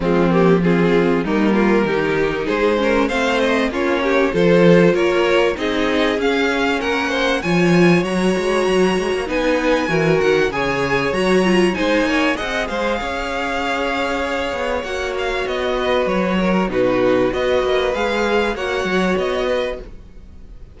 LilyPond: <<
  \new Staff \with { instrumentName = "violin" } { \time 4/4 \tempo 4 = 97 f'8 g'8 gis'4 ais'2 | c''4 f''8 dis''8 cis''4 c''4 | cis''4 dis''4 f''4 fis''4 | gis''4 ais''2 gis''4~ |
gis''8 fis''8 gis''4 ais''4 gis''4 | fis''8 f''2.~ f''8 | fis''8 f''8 dis''4 cis''4 b'4 | dis''4 f''4 fis''4 dis''4 | }
  \new Staff \with { instrumentName = "violin" } { \time 4/4 c'4 f'4 dis'8 f'8 g'4 | gis'8 ais'8 c''4 f'8 g'8 a'4 | ais'4 gis'2 ais'8 c''8 | cis''2. b'4 |
ais'4 cis''2 c''8 cis''8 | dis''8 c''8 cis''2.~ | cis''4. b'4 ais'8 fis'4 | b'2 cis''4. b'8 | }
  \new Staff \with { instrumentName = "viola" } { \time 4/4 gis8 ais8 c'4 ais4 dis'4~ | dis'8 cis'8 c'4 cis'4 f'4~ | f'4 dis'4 cis'2 | f'4 fis'2 dis'4 |
fis'4 gis'4 fis'8 f'8 dis'4 | gis'1 | fis'2. dis'4 | fis'4 gis'4 fis'2 | }
  \new Staff \with { instrumentName = "cello" } { \time 4/4 f2 g4 dis4 | gis4 a4 ais4 f4 | ais4 c'4 cis'4 ais4 | f4 fis8 gis8 fis8 gis16 ais16 b4 |
e8 dis8 cis4 fis4 gis8 ais8 | c'8 gis8 cis'2~ cis'8 b8 | ais4 b4 fis4 b,4 | b8 ais8 gis4 ais8 fis8 b4 | }
>>